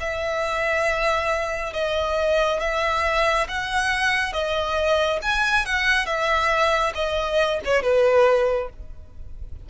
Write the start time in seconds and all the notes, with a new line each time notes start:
0.00 E5
1.74 D#5
2.60 E5
3.49 F#5
4.33 D#5
5.22 G#5
5.66 F#5
6.06 E5
6.95 D#5
7.65 C#5
7.83 B4